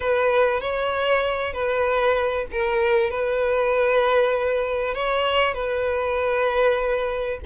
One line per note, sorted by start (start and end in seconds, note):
0.00 0.60 B4
0.60 1.53 C#5
1.53 2.46 B4
2.51 3.10 A#4
3.10 4.94 B4
4.94 5.54 C#5
5.54 7.39 B4